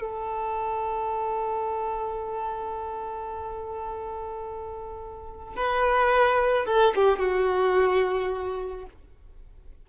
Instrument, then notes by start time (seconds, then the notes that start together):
violin
0.00 A4
5.56 B4
6.66 A4
6.95 G4
7.19 F#4